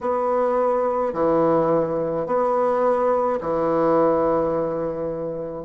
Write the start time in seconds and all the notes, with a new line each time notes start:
0.01 B3
1.13 E3
2.26 B3
3.40 E3